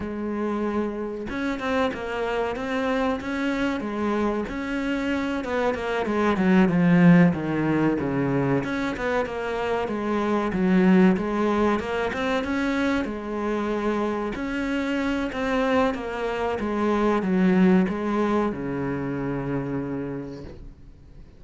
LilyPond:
\new Staff \with { instrumentName = "cello" } { \time 4/4 \tempo 4 = 94 gis2 cis'8 c'8 ais4 | c'4 cis'4 gis4 cis'4~ | cis'8 b8 ais8 gis8 fis8 f4 dis8~ | dis8 cis4 cis'8 b8 ais4 gis8~ |
gis8 fis4 gis4 ais8 c'8 cis'8~ | cis'8 gis2 cis'4. | c'4 ais4 gis4 fis4 | gis4 cis2. | }